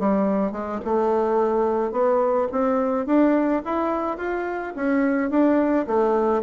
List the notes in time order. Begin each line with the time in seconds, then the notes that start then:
0.00 G3
0.52 G#3
0.85 A3
1.92 B3
2.52 C4
3.06 D4
3.66 E4
4.18 F4
4.76 C#4
5.31 D4
5.88 A3